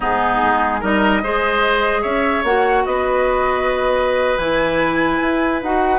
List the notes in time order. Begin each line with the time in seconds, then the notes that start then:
0.00 G#2 B3 D#4 G#4
0.42 G#3
0.80 G3 D#4 A#4 D#5
1.23 G#3 G#4 C5
2.01 C#4 C#5 E5
2.43 A#3 F#4 F#5
2.85 B3 B4 D#5
4.37 E3 E4 G#5
5.21 E4
5.62 D#4 F#4 F#5